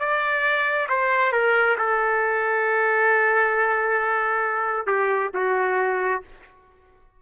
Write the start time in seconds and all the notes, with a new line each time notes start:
0.00 D5
0.89 C5
1.33 A#4
1.78 A4
4.87 G4
5.34 F#4